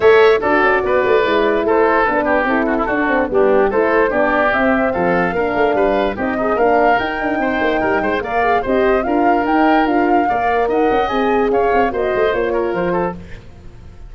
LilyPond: <<
  \new Staff \with { instrumentName = "flute" } { \time 4/4 \tempo 4 = 146 e''4 d''2. | c''4 b'4 a'2 | g'4 c''4 d''4 e''4 | f''2. dis''4 |
f''4 g''2. | f''4 dis''4 f''4 g''4 | f''2 fis''4 gis''4 | f''4 dis''4 cis''4 c''4 | }
  \new Staff \with { instrumentName = "oboe" } { \time 4/4 cis''4 a'4 b'2 | a'4. g'4 fis'16 e'16 fis'4 | d'4 a'4 g'2 | a'4 ais'4 b'4 g'8 dis'8 |
ais'2 c''4 ais'8 c''8 | d''4 c''4 ais'2~ | ais'4 d''4 dis''2 | cis''4 c''4. ais'4 a'8 | }
  \new Staff \with { instrumentName = "horn" } { \time 4/4 a'4 fis'2 e'4~ | e'4 d'4 e'4 d'8 c'8 | b4 e'4 d'4 c'4~ | c'4 d'2 dis'8 gis'8 |
d'4 dis'2. | ais'8 gis'8 g'4 f'4 dis'4 | f'4 ais'2 gis'4~ | gis'4 fis'4 f'2 | }
  \new Staff \with { instrumentName = "tuba" } { \time 4/4 a4 d'8 cis'8 b8 a8 gis4 | a4 b4 c'4 d'4 | g4 a4 b4 c'4 | f4 ais8 a8 g4 c'4 |
ais4 dis'8 d'8 c'8 ais8 g8 gis8 | ais4 c'4 d'4 dis'4 | d'4 ais4 dis'8 cis'8 c'4 | cis'8 c'8 ais8 a8 ais4 f4 | }
>>